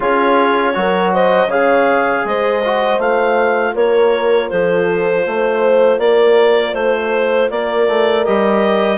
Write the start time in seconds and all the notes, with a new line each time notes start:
0.00 C#4 F4 G#4 C#5
0.73 F#3 F#4 A#4
1.13 C5 D#5
1.47 C#3 G#4 C#5 F5
2.24 G#3 C5 D#5
2.64 F#4
2.98 A3 F4 F5
3.73 A#3 A#4 C#5
4.49 F3 A4 C5
5.26 A3 C5
5.98 A#3 A#4 D5
6.73 A3 C5
7.50 A#3 A#4 D5
7.87 A3
8.24 G3 G4 D#5